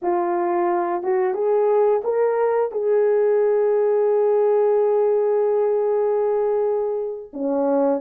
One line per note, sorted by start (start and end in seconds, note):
0.02 1.02 F4
1.02 1.34 F#4
1.34 2.02 G#4
2.04 2.71 A#4
2.71 7.31 G#4
7.33 8.01 C#4